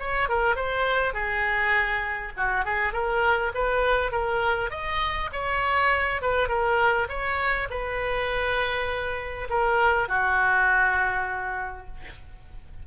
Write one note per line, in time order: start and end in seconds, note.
0.00 0.29 C#5
0.29 0.56 A#4
0.56 1.14 C5
1.14 2.33 G#4
2.37 2.65 F#4
2.65 2.93 G#4
2.93 3.52 A#4
3.55 4.12 B4
4.12 4.71 A#4
4.71 5.30 D#5
5.33 6.22 C#5
6.22 6.49 B4
6.49 7.08 A#4
7.09 7.68 C#5
7.70 9.48 B4
9.50 10.09 A#4
10.09 11.87 F#4